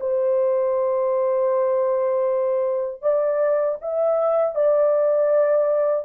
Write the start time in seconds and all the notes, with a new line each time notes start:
0.00 C5
3.02 D5
3.81 E5
4.55 D5